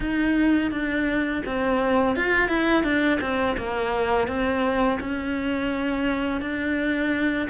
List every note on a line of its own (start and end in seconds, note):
0.00 0.71 D#4
0.71 1.43 D4
1.45 2.16 C4
2.16 2.48 F4
2.48 2.83 E4
2.83 3.19 D4
3.20 3.56 C4
3.57 4.27 A#3
4.27 4.98 C4
5.00 6.41 C#4
6.41 7.48 D4